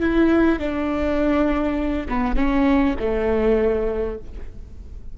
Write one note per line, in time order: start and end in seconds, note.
0.00 0.59 E4
0.59 2.07 D4
2.08 2.36 B3
2.36 2.95 C#4
2.99 4.18 A3